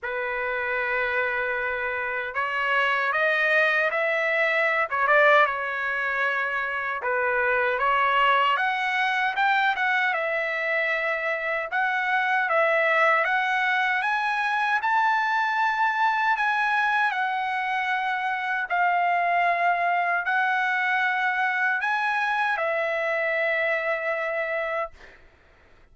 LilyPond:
\new Staff \with { instrumentName = "trumpet" } { \time 4/4 \tempo 4 = 77 b'2. cis''4 | dis''4 e''4~ e''16 cis''16 d''8 cis''4~ | cis''4 b'4 cis''4 fis''4 | g''8 fis''8 e''2 fis''4 |
e''4 fis''4 gis''4 a''4~ | a''4 gis''4 fis''2 | f''2 fis''2 | gis''4 e''2. | }